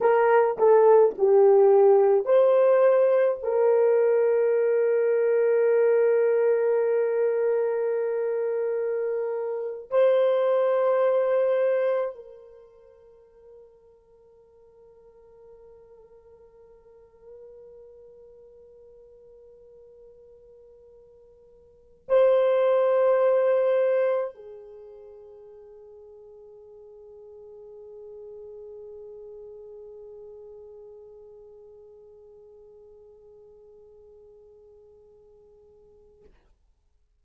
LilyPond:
\new Staff \with { instrumentName = "horn" } { \time 4/4 \tempo 4 = 53 ais'8 a'8 g'4 c''4 ais'4~ | ais'1~ | ais'8. c''2 ais'4~ ais'16~ | ais'1~ |
ais'2.~ ais'8 c''8~ | c''4. gis'2~ gis'8~ | gis'1~ | gis'1 | }